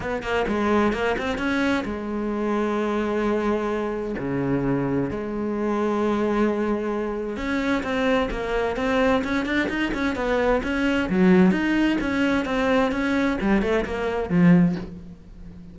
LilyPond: \new Staff \with { instrumentName = "cello" } { \time 4/4 \tempo 4 = 130 b8 ais8 gis4 ais8 c'8 cis'4 | gis1~ | gis4 cis2 gis4~ | gis1 |
cis'4 c'4 ais4 c'4 | cis'8 d'8 dis'8 cis'8 b4 cis'4 | fis4 dis'4 cis'4 c'4 | cis'4 g8 a8 ais4 f4 | }